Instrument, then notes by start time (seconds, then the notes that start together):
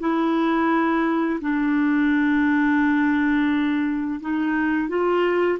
clarinet
0.00 E4
1.41 D4
4.21 D#4
4.88 F4